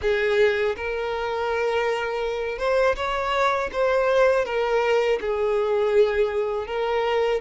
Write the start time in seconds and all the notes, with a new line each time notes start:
0.01 G#4
0.76 A#4
2.58 C5
2.96 C#5
3.72 C5
4.45 A#4
5.20 G#4
6.66 A#4